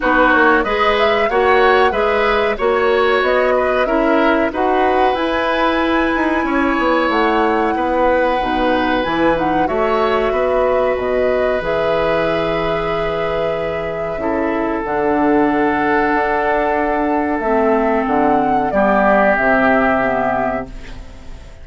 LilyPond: <<
  \new Staff \with { instrumentName = "flute" } { \time 4/4 \tempo 4 = 93 b'8 cis''8 dis''8 e''8 fis''4 e''4 | cis''4 dis''4 e''4 fis''4 | gis''2. fis''4~ | fis''2 gis''8 fis''8 e''4~ |
e''4 dis''4 e''2~ | e''2. fis''4~ | fis''2. e''4 | fis''4 d''4 e''2 | }
  \new Staff \with { instrumentName = "oboe" } { \time 4/4 fis'4 b'4 cis''4 b'4 | cis''4. b'8 ais'4 b'4~ | b'2 cis''2 | b'2. cis''4 |
b'1~ | b'2 a'2~ | a'1~ | a'4 g'2. | }
  \new Staff \with { instrumentName = "clarinet" } { \time 4/4 dis'4 gis'4 fis'4 gis'4 | fis'2 e'4 fis'4 | e'1~ | e'4 dis'4 e'8 dis'8 fis'4~ |
fis'2 gis'2~ | gis'2 e'4 d'4~ | d'2. c'4~ | c'4 b4 c'4 b4 | }
  \new Staff \with { instrumentName = "bassoon" } { \time 4/4 b8 ais8 gis4 ais4 gis4 | ais4 b4 cis'4 dis'4 | e'4. dis'8 cis'8 b8 a4 | b4 b,4 e4 a4 |
b4 b,4 e2~ | e2 cis4 d4~ | d4 d'2 a4 | d4 g4 c2 | }
>>